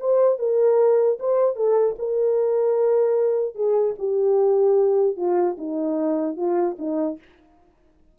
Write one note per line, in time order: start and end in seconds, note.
0.00 0.39 C5
0.39 1.19 A#4
1.20 1.56 C5
1.56 1.96 A4
1.99 3.55 A#4
3.55 3.95 G#4
3.99 5.17 G4
5.17 5.57 F4
5.58 6.36 D#4
6.36 6.76 F4
6.79 7.19 D#4